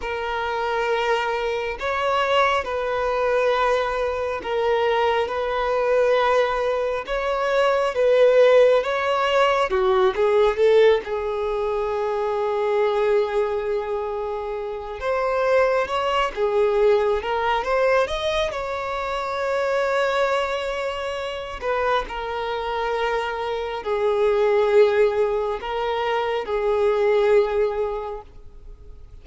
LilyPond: \new Staff \with { instrumentName = "violin" } { \time 4/4 \tempo 4 = 68 ais'2 cis''4 b'4~ | b'4 ais'4 b'2 | cis''4 b'4 cis''4 fis'8 gis'8 | a'8 gis'2.~ gis'8~ |
gis'4 c''4 cis''8 gis'4 ais'8 | c''8 dis''8 cis''2.~ | cis''8 b'8 ais'2 gis'4~ | gis'4 ais'4 gis'2 | }